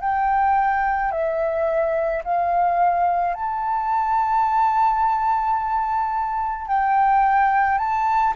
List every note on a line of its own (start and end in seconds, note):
0.00 1.11 G5
1.11 2.22 E5
2.24 3.34 F5
3.34 6.67 A5
6.67 7.78 G5
7.78 8.33 A5